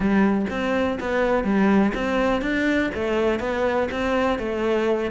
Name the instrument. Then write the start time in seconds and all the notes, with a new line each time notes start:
cello
0.00 G3
0.50 C4
1.00 B3
1.43 G3
1.94 C4
2.41 D4
2.94 A3
3.39 B3
3.91 C4
4.38 A3